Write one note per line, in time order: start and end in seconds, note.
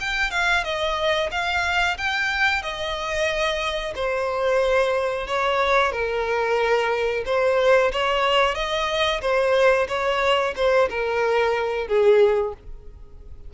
0.00 0.31 G5
0.31 0.64 F5
0.64 1.30 D#5
1.32 1.98 F5
1.98 2.63 G5
2.63 3.94 D#5
3.95 5.27 C5
5.27 5.92 C#5
5.92 7.24 A#4
7.26 7.92 C5
7.92 8.55 C#5
8.55 9.21 D#5
9.21 9.87 C5
9.88 10.54 C#5
10.56 10.89 C5
10.90 11.88 A#4
11.88 12.54 G#4